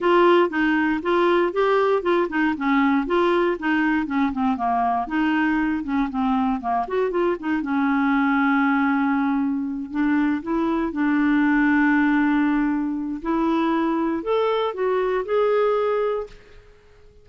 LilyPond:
\new Staff \with { instrumentName = "clarinet" } { \time 4/4 \tempo 4 = 118 f'4 dis'4 f'4 g'4 | f'8 dis'8 cis'4 f'4 dis'4 | cis'8 c'8 ais4 dis'4. cis'8 | c'4 ais8 fis'8 f'8 dis'8 cis'4~ |
cis'2.~ cis'8 d'8~ | d'8 e'4 d'2~ d'8~ | d'2 e'2 | a'4 fis'4 gis'2 | }